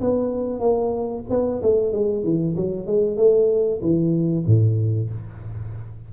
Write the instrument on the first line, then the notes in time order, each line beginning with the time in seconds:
tuba
0.00 B3
0.59 A#3
1.29 B3
1.62 A3
1.92 G#3
2.23 E3
2.56 F#3
2.86 G#3
3.17 A3
3.81 E3
4.46 A2